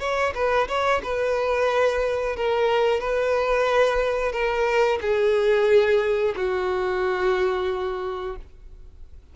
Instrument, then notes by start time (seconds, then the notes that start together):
violin
0.00 C#5
0.35 B4
0.68 C#5
1.04 B4
2.37 A#4
3.00 B4
4.32 A#4
5.02 G#4
6.36 F#4